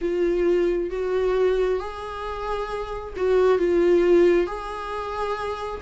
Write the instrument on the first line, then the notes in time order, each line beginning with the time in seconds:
viola
0.01 F4
0.90 F#4
1.79 G#4
3.16 F#4
3.58 F4
4.47 G#4